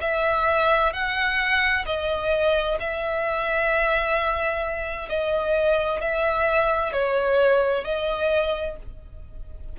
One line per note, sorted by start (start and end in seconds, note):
0.00 0.92 E5
0.92 1.85 F#5
1.85 2.78 D#5
2.79 5.09 E5
5.09 6.01 D#5
6.01 6.92 E5
6.92 7.84 C#5
7.84 8.77 D#5